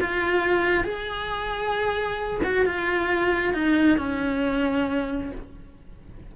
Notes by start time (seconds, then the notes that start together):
0.00 F4
0.83 G#4
2.43 F#4
2.65 F4
3.53 D#4
3.97 C#4